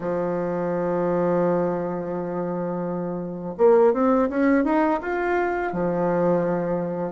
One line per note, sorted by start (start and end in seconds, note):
0.00 3.55 F3
3.57 3.93 A#3
3.93 4.29 C4
4.29 4.64 C#4
4.64 5.00 D#4
5.01 5.72 F4
5.72 7.11 F3